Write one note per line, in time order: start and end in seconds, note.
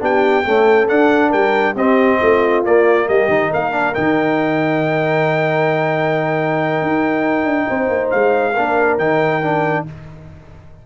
0.00 0.45 B3
0.00 0.44 D4
0.00 0.44 G4
0.00 0.88 G5
0.44 0.87 A3
0.44 0.90 C#4
0.44 1.29 A4
0.87 1.75 D4
0.87 1.33 D4
0.87 1.32 F#5
1.29 1.75 G3
1.29 1.73 A#4
1.29 1.76 G5
1.75 2.19 C4
1.75 2.65 C4
1.75 2.19 G4
1.75 2.65 D#5
2.21 2.65 A3
2.21 3.08 F4
2.65 3.08 A#3
2.65 3.30 A#3
2.65 3.08 D5
3.08 3.28 G3
3.08 3.50 G4
3.08 3.52 D#5
3.28 3.50 D#3
3.28 3.72 D#4
3.50 3.97 A#3
3.50 7.67 A#4
3.50 3.94 F5
3.72 3.94 D4
3.94 6.82 D#3
3.94 8.54 D#4
3.94 8.10 G5
6.82 7.44 D#4
7.44 7.66 D4
7.69 7.89 C4
7.69 8.53 C5
7.89 8.10 A#3
8.11 8.57 G#3
8.11 8.98 F5
8.53 8.98 A#3
8.53 8.99 D4
8.53 9.84 A#4
8.98 9.86 D#3
8.98 9.42 D#4
8.98 9.86 G5
9.42 9.86 D4